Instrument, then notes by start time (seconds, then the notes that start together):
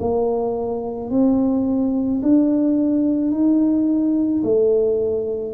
tuba
0.00 A#3
1.10 C4
2.22 D4
3.31 D#4
4.43 A3